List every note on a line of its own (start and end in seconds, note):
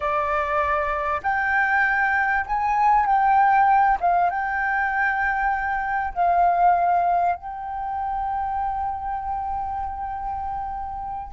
0.00 1.21 D5
1.22 2.45 G5
2.46 3.06 G#5
3.06 3.97 G5
4.00 4.29 F5
4.29 6.13 G5
6.14 7.35 F5
7.35 11.32 G5